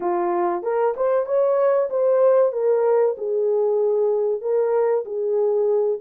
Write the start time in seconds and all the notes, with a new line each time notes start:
0.00 F4
0.63 A#4
0.96 C5
1.26 C#5
1.90 C5
2.52 A#4
3.18 G#4
4.41 A#4
5.05 G#4